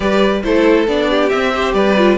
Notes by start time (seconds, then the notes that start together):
0.00 G3 G4 B4 D5
0.43 A3 E4 A4 C5
0.87 B3 D4 D5
1.09 G4
1.29 C4 E5
1.54 G4 C5
1.73 G3 B4 D5
1.97 F4